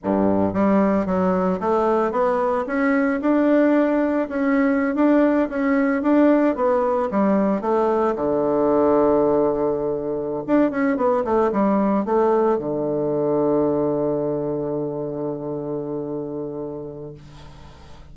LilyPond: \new Staff \with { instrumentName = "bassoon" } { \time 4/4 \tempo 4 = 112 g,4 g4 fis4 a4 | b4 cis'4 d'2 | cis'4~ cis'16 d'4 cis'4 d'8.~ | d'16 b4 g4 a4 d8.~ |
d2.~ d8 d'8 | cis'8 b8 a8 g4 a4 d8~ | d1~ | d1 | }